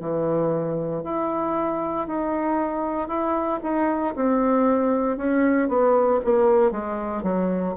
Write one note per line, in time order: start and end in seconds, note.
0.00 1.03 E3
1.03 2.07 E4
2.07 3.08 D#4
3.08 3.59 E4
3.63 4.14 D#4
4.16 5.17 C4
5.17 5.68 C#4
5.68 6.20 B3
6.24 6.71 A#3
6.71 7.23 G#3
7.23 7.74 F#3